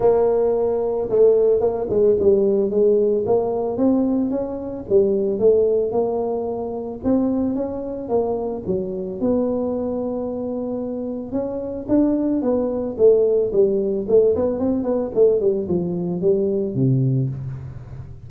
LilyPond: \new Staff \with { instrumentName = "tuba" } { \time 4/4 \tempo 4 = 111 ais2 a4 ais8 gis8 | g4 gis4 ais4 c'4 | cis'4 g4 a4 ais4~ | ais4 c'4 cis'4 ais4 |
fis4 b2.~ | b4 cis'4 d'4 b4 | a4 g4 a8 b8 c'8 b8 | a8 g8 f4 g4 c4 | }